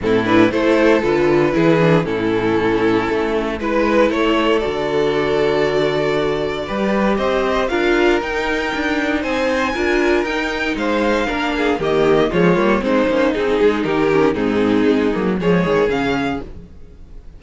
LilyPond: <<
  \new Staff \with { instrumentName = "violin" } { \time 4/4 \tempo 4 = 117 a'8 b'8 c''4 b'2 | a'2. b'4 | cis''4 d''2.~ | d''2 dis''4 f''4 |
g''2 gis''2 | g''4 f''2 dis''4 | cis''4 c''4 gis'4 ais'4 | gis'2 cis''4 f''4 | }
  \new Staff \with { instrumentName = "violin" } { \time 4/4 e'4 a'2 gis'4 | e'2. b'4 | a'1~ | a'4 b'4 c''4 ais'4~ |
ais'2 c''4 ais'4~ | ais'4 c''4 ais'8 gis'8 g'4 | f'4 dis'4. gis'8 g'4 | dis'2 gis'2 | }
  \new Staff \with { instrumentName = "viola" } { \time 4/4 c'8 d'8 e'4 f'4 e'8 d'8 | cis'2. e'4~ | e'4 fis'2.~ | fis'4 g'2 f'4 |
dis'2. f'4 | dis'2 d'4 ais4 | gis8 ais8 c'8 cis'8 dis'4. cis'8 | c'4. ais8 gis4 cis'4 | }
  \new Staff \with { instrumentName = "cello" } { \time 4/4 a,4 a4 d4 e4 | a,2 a4 gis4 | a4 d2.~ | d4 g4 c'4 d'4 |
dis'4 d'4 c'4 d'4 | dis'4 gis4 ais4 dis4 | f8 g8 gis8 ais8 c'8 gis8 dis4 | gis,4 gis8 fis8 f8 dis8 cis4 | }
>>